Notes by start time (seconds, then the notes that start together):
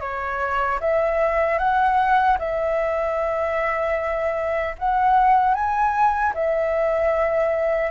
0.00 C#5
0.80 E5
1.58 F#5
2.39 E5
4.78 F#5
5.54 G#5
6.34 E5